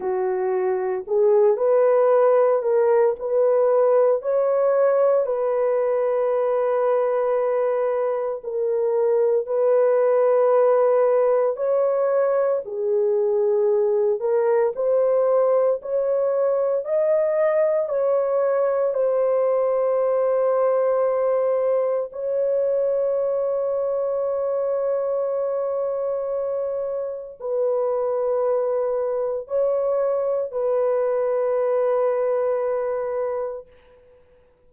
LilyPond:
\new Staff \with { instrumentName = "horn" } { \time 4/4 \tempo 4 = 57 fis'4 gis'8 b'4 ais'8 b'4 | cis''4 b'2. | ais'4 b'2 cis''4 | gis'4. ais'8 c''4 cis''4 |
dis''4 cis''4 c''2~ | c''4 cis''2.~ | cis''2 b'2 | cis''4 b'2. | }